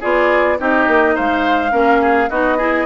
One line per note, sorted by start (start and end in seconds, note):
0.00 0.60 B3
0.00 0.58 F4
0.00 0.57 G#4
0.00 0.59 D5
0.58 0.87 C4
0.58 1.70 D#4
0.58 1.15 G4
0.58 1.16 D#5
0.87 1.16 A#3
1.15 1.72 G#3
1.15 1.72 C5
1.15 2.29 F5
1.70 2.29 A#3
1.70 2.28 C#4
1.70 2.00 A#4
2.01 2.29 G#4
2.29 2.86 B3
2.29 2.59 D#4
2.29 2.57 F#4
2.29 2.86 D#5
2.57 2.86 E4
2.57 2.86 G#4